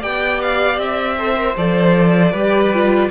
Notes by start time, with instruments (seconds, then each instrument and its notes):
0.00 cello B3, viola G4, violin D5 G5
0.42 violin F5
0.78 cello C4, violin E5
1.18 viola A4, violin C5
1.36 viola A#4
1.57 cello F3, viola A4, violin D5
2.32 cello G3, viola G4, violin B4
2.74 viola F4